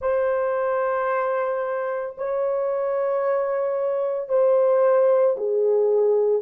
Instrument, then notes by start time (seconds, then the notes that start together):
horn
0.01 C5
2.17 C#5
4.29 C5
5.37 G#4